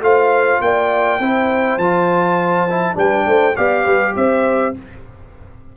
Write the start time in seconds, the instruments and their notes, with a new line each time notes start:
0.00 tuba A3, trombone F4, horn C5, trumpet F5
0.60 tuba A#3, horn D5, trumpet G5
1.19 tuba C4, trombone E4, horn C5
1.77 tuba F3, trombone F4, trumpet A5
2.70 trombone E4
2.94 tuba G3, trombone D4, horn B4, trumpet G5
3.26 tuba A3, horn C5
3.56 tuba B3, trombone G4, horn D5, trumpet F5
3.84 tuba G3, horn B4
4.16 tuba C4, horn C5, trumpet E5